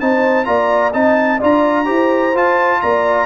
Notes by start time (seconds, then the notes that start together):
0.00 C4 D#4 C5 A5
0.45 A#3 F4 D5 A#5
0.93 C4 D#4 D#5 A5
1.38 D4 F4 D5 A#5
1.85 E4 G4 C5
2.35 F4 A5
2.81 A#3 D5 A#5